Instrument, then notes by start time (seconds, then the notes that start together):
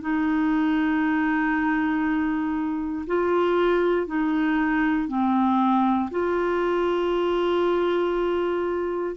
clarinet
0.00 D#4
3.06 F4
4.07 D#4
5.08 C4
6.10 F4